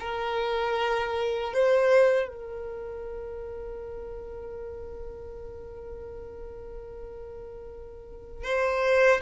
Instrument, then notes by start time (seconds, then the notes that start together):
violin
0.00 A#4
1.53 C5
2.29 A#4
8.44 C5